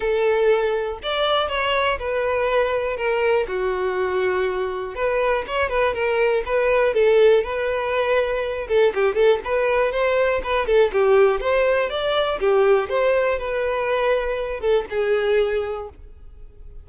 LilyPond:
\new Staff \with { instrumentName = "violin" } { \time 4/4 \tempo 4 = 121 a'2 d''4 cis''4 | b'2 ais'4 fis'4~ | fis'2 b'4 cis''8 b'8 | ais'4 b'4 a'4 b'4~ |
b'4. a'8 g'8 a'8 b'4 | c''4 b'8 a'8 g'4 c''4 | d''4 g'4 c''4 b'4~ | b'4. a'8 gis'2 | }